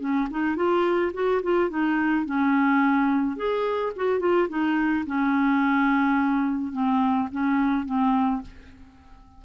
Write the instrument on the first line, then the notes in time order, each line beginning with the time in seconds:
clarinet
0.00 C#4
0.30 D#4
0.56 F4
1.14 F#4
1.43 F4
1.69 D#4
2.25 C#4
3.36 G#4
3.96 F#4
4.20 F4
4.49 D#4
5.06 C#4
6.72 C4
7.32 C#4
7.85 C4